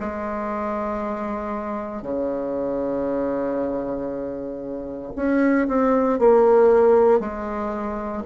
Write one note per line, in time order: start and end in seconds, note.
0.00 2.03 G#3
2.03 5.13 C#3
5.16 5.68 C#4
5.68 6.20 C4
6.20 7.20 A#3
7.20 8.24 G#3